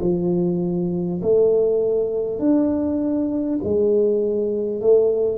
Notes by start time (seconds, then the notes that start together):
0.00 F3
1.22 A3
2.39 D4
3.63 G#3
4.81 A3